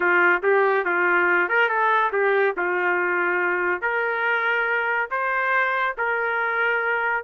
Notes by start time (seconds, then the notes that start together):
0.00 F4
0.42 G4
0.85 F4
1.49 A#4
1.68 A4
2.12 G4
2.56 F4
3.81 A#4
5.10 C5
5.97 A#4